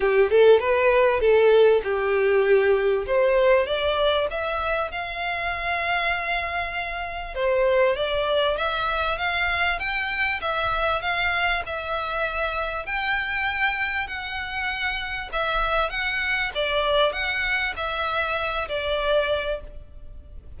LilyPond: \new Staff \with { instrumentName = "violin" } { \time 4/4 \tempo 4 = 98 g'8 a'8 b'4 a'4 g'4~ | g'4 c''4 d''4 e''4 | f''1 | c''4 d''4 e''4 f''4 |
g''4 e''4 f''4 e''4~ | e''4 g''2 fis''4~ | fis''4 e''4 fis''4 d''4 | fis''4 e''4. d''4. | }